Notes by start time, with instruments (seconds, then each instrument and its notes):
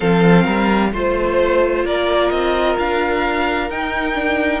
0.00 cello F3, viola C4, violin A4 F5
0.43 cello G3, violin A#4
0.92 cello A3, viola F4, violin C5
1.84 cello A#3, violin A#4 D5
2.30 cello C4, violin D#5
2.78 cello D4, violin F5
3.70 cello D#4, viola D#4, violin G5
4.14 viola D4